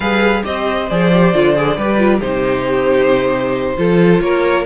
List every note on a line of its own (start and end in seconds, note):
0.00 0.43 G3
0.00 0.43 G#4
0.00 0.42 B4
0.00 0.42 F5
0.43 0.89 C4
0.43 0.88 G4
0.43 1.76 C5
0.43 0.89 D#5
0.89 1.33 F3
0.89 1.12 G#4
0.89 2.21 D5
1.12 1.34 G4
1.33 1.76 D3
1.33 1.55 F4
1.55 1.77 G#4
1.76 2.21 G3
1.76 1.98 G4
1.76 2.19 B4
1.98 2.20 F4
2.19 3.77 C3
2.19 3.76 D#4
2.19 3.74 G4
2.19 4.20 C5
3.76 4.20 F3
3.76 4.65 F4
3.76 4.23 A4
4.20 4.64 A#3
4.20 4.66 A#4
4.20 4.65 C#5